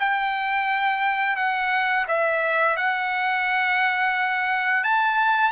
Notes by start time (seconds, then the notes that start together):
0.00 G5
1.37 F#5
2.08 E5
2.77 F#5
4.85 A5